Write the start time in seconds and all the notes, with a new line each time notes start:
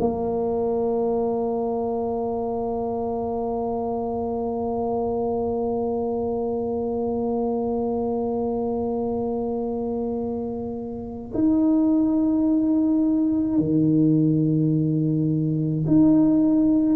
0.00 A#3
11.34 D#4
13.59 D#3
15.87 D#4